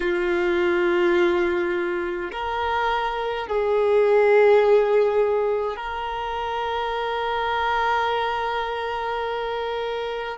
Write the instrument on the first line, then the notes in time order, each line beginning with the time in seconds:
violin
0.00 F4
2.32 A#4
3.47 G#4
5.76 A#4